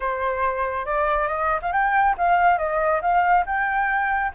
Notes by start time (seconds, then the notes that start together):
0.00 C5
0.85 D5
1.27 D#5
1.62 F5
1.72 G5
2.17 F5
2.58 D#5
3.01 F5
3.45 G5